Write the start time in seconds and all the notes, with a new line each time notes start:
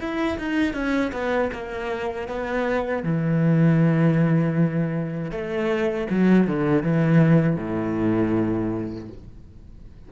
0.00 E4
0.39 D#4
0.74 C#4
1.13 B3
1.53 A#3
2.28 B3
3.03 E3
5.32 A3
6.10 F#3
6.48 D3
6.83 E3
7.57 A2